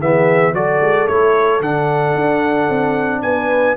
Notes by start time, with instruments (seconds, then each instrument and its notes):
0.00 tuba E3, trombone B3, horn G#4, trumpet E5
0.53 tuba F#3, trombone F#4, horn A4, trumpet D5
0.80 tuba G#3
1.07 tuba A3, trombone E4, trumpet C#5
1.60 tuba D3, trombone D4, trumpet F#5
2.15 tuba D4
2.69 tuba C4
3.22 tuba B3, horn B4, trumpet G#5